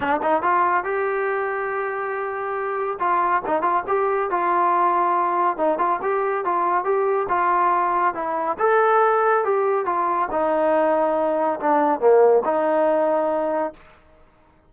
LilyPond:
\new Staff \with { instrumentName = "trombone" } { \time 4/4 \tempo 4 = 140 d'8 dis'8 f'4 g'2~ | g'2. f'4 | dis'8 f'8 g'4 f'2~ | f'4 dis'8 f'8 g'4 f'4 |
g'4 f'2 e'4 | a'2 g'4 f'4 | dis'2. d'4 | ais4 dis'2. | }